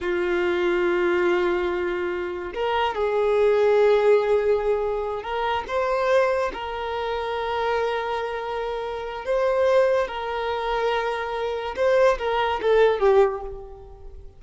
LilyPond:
\new Staff \with { instrumentName = "violin" } { \time 4/4 \tempo 4 = 143 f'1~ | f'2 ais'4 gis'4~ | gis'1~ | gis'8 ais'4 c''2 ais'8~ |
ais'1~ | ais'2 c''2 | ais'1 | c''4 ais'4 a'4 g'4 | }